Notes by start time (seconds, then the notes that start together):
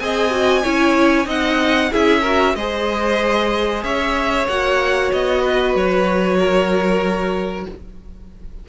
0.00 C4 G#4 D#5 G#5
0.31 F#4
0.64 C#4 E4 C#5
1.26 C4 D#4 D#5 F#5
1.91 C#4 E4 G#4 E5
2.22 F#4 A#4
2.55 G#3 G#4 C5 D#5
3.83 C#4 C#5 E5
4.48 A#3 F#4 F#5
5.13 B3 D#5
5.42 B4
5.75 F#3 C#5
6.39 A#4